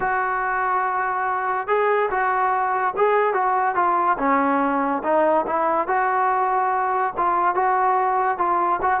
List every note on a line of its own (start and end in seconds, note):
0.00 1.67 F#4
1.67 2.09 G#4
2.10 2.94 F#4
2.96 3.33 G#4
3.33 3.75 F#4
3.75 4.17 F4
4.18 5.02 C#4
5.03 5.45 D#4
5.46 5.87 E4
5.87 7.13 F#4
7.17 7.54 F4
7.54 8.38 F#4
8.38 8.80 F4
8.81 9.00 F#4